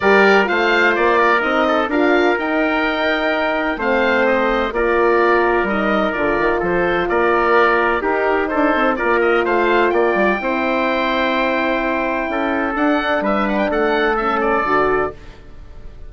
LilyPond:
<<
  \new Staff \with { instrumentName = "oboe" } { \time 4/4 \tempo 4 = 127 d''4 f''4 d''4 dis''4 | f''4 g''2. | f''4 dis''4 d''2 | dis''4 d''4 c''4 d''4~ |
d''4 ais'4 c''4 d''8 dis''8 | f''4 g''2.~ | g''2. fis''4 | e''8 fis''16 g''16 fis''4 e''8 d''4. | }
  \new Staff \with { instrumentName = "trumpet" } { \time 4/4 ais'4 c''4. ais'4 a'8 | ais'1 | c''2 ais'2~ | ais'2 a'4 ais'4~ |
ais'4 g'4 a'4 ais'4 | c''4 d''4 c''2~ | c''2 a'2 | b'4 a'2. | }
  \new Staff \with { instrumentName = "horn" } { \time 4/4 g'4 f'2 dis'4 | f'4 dis'2. | c'2 f'2 | dis'4 f'2.~ |
f'4 dis'2 f'4~ | f'2 e'2~ | e'2. d'4~ | d'2 cis'4 fis'4 | }
  \new Staff \with { instrumentName = "bassoon" } { \time 4/4 g4 a4 ais4 c'4 | d'4 dis'2. | a2 ais2 | g4 d8 dis8 f4 ais4~ |
ais4 dis'4 d'8 c'8 ais4 | a4 ais8 g8 c'2~ | c'2 cis'4 d'4 | g4 a2 d4 | }
>>